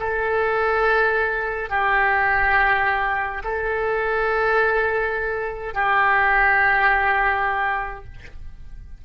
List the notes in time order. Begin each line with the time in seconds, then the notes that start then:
0.00 A4
1.70 G4
3.44 A4
5.74 G4